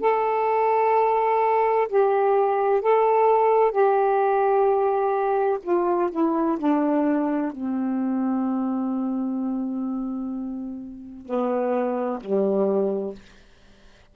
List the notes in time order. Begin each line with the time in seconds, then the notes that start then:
0.00 A4
1.88 G4
2.82 A4
3.71 G4
5.63 F4
6.11 E4
6.58 D4
7.52 C4
11.26 B3
12.20 G3